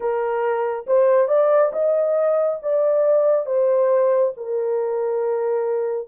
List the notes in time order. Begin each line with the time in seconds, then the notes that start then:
0.00 A#4
0.87 C5
1.28 D5
1.72 D#5
2.62 D5
3.45 C5
4.37 A#4